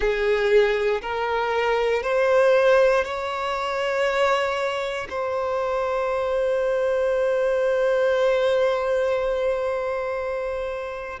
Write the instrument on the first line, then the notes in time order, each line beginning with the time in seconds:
violin
0.00 G#4
1.01 A#4
2.02 C5
3.04 C#5
5.09 C5